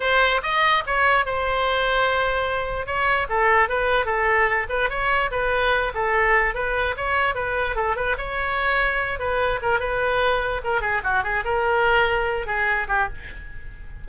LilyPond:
\new Staff \with { instrumentName = "oboe" } { \time 4/4 \tempo 4 = 147 c''4 dis''4 cis''4 c''4~ | c''2. cis''4 | a'4 b'4 a'4. b'8 | cis''4 b'4. a'4. |
b'4 cis''4 b'4 a'8 b'8 | cis''2~ cis''8 b'4 ais'8 | b'2 ais'8 gis'8 fis'8 gis'8 | ais'2~ ais'8 gis'4 g'8 | }